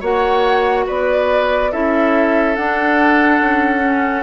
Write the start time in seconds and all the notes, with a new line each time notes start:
0.00 A#3 F#4 C#5 F#5
0.86 B3 B4 D5
1.71 C#4 E4 A4 E5
2.55 D4 F#5
3.40 C#4
3.82 C#4